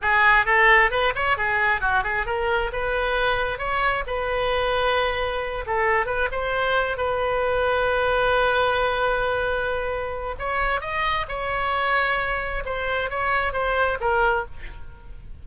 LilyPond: \new Staff \with { instrumentName = "oboe" } { \time 4/4 \tempo 4 = 133 gis'4 a'4 b'8 cis''8 gis'4 | fis'8 gis'8 ais'4 b'2 | cis''4 b'2.~ | b'8 a'4 b'8 c''4. b'8~ |
b'1~ | b'2. cis''4 | dis''4 cis''2. | c''4 cis''4 c''4 ais'4 | }